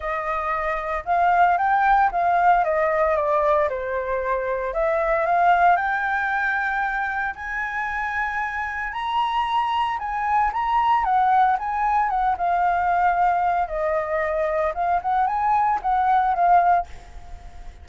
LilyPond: \new Staff \with { instrumentName = "flute" } { \time 4/4 \tempo 4 = 114 dis''2 f''4 g''4 | f''4 dis''4 d''4 c''4~ | c''4 e''4 f''4 g''4~ | g''2 gis''2~ |
gis''4 ais''2 gis''4 | ais''4 fis''4 gis''4 fis''8 f''8~ | f''2 dis''2 | f''8 fis''8 gis''4 fis''4 f''4 | }